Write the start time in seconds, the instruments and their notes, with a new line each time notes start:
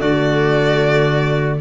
0.00 tuba D3, viola A3, trumpet F#4, violin D5